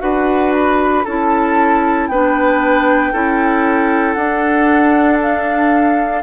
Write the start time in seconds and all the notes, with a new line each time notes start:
0.00 D4 F#4 B4 F#5
0.54 B5
1.05 C#4 E4 A4 A5
2.08 B3 D4 B4 G5
3.13 C#4 E4 A4
4.14 D4 F#5
5.23 F5